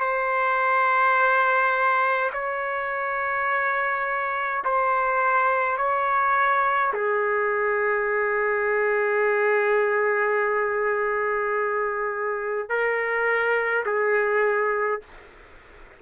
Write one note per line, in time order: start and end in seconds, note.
0.00 2.31 C5
2.33 4.64 C#5
4.65 5.78 C5
5.78 6.93 C#5
6.94 12.70 G#4
12.70 13.85 A#4
13.86 15.02 G#4